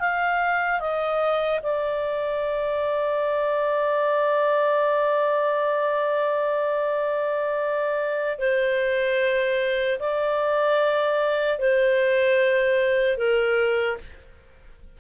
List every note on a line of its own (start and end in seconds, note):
0.00 0.80 F5
0.80 1.60 D#5
1.63 8.39 D5
8.39 9.99 C5
10.00 11.59 D5
11.59 13.17 C5
13.17 13.97 A#4